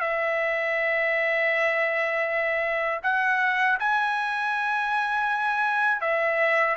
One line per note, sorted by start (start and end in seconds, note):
0.00 3.00 E5
3.03 3.78 F#5
3.79 6.01 G#5
6.01 6.76 E5